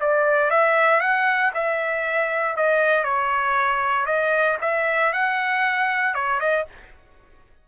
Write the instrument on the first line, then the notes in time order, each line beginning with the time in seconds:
trumpet
0.00 D5
0.51 E5
1.00 F#5
1.54 E5
2.56 D#5
3.04 C#5
4.06 D#5
4.62 E5
5.13 F#5
6.14 C#5
6.40 D#5